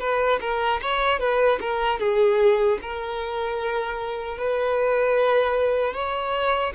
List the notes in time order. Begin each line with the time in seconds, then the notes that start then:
0.00 B4
0.41 A#4
0.82 C#5
1.19 B4
1.60 A#4
2.00 G#4
2.82 A#4
4.38 B4
5.94 C#5